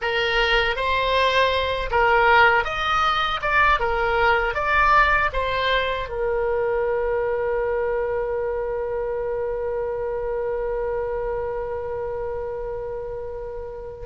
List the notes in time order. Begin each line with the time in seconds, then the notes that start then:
0.01 A#4
0.76 C5
1.90 A#4
2.64 D#5
3.41 D5
3.79 A#4
4.54 D5
5.33 C5
6.09 A#4